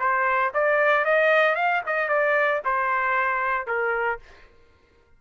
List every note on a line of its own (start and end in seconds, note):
0.00 0.53 C5
0.55 1.05 D5
1.05 1.56 D#5
1.56 1.82 F5
1.87 2.09 D#5
2.09 2.62 D5
2.65 3.67 C5
3.67 4.20 A#4